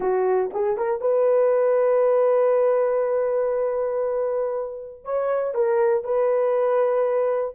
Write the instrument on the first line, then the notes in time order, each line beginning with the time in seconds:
horn
0.00 F#4
0.53 G#4
0.77 A#4
1.01 B4
5.04 C#5
5.54 A#4
6.04 B4